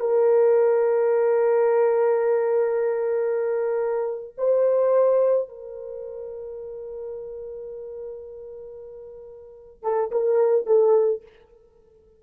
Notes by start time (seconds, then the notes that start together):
0.00 A#4
4.38 C5
5.49 A#4
9.83 A4
10.11 A#4
10.67 A4